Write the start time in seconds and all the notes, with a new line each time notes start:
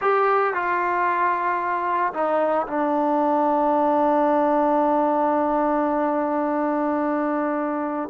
0.01 G4
0.53 F4
2.13 D#4
2.67 D4